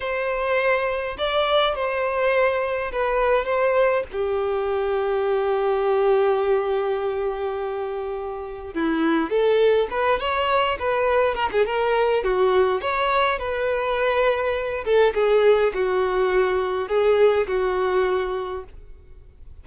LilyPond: \new Staff \with { instrumentName = "violin" } { \time 4/4 \tempo 4 = 103 c''2 d''4 c''4~ | c''4 b'4 c''4 g'4~ | g'1~ | g'2. e'4 |
a'4 b'8 cis''4 b'4 ais'16 gis'16 | ais'4 fis'4 cis''4 b'4~ | b'4. a'8 gis'4 fis'4~ | fis'4 gis'4 fis'2 | }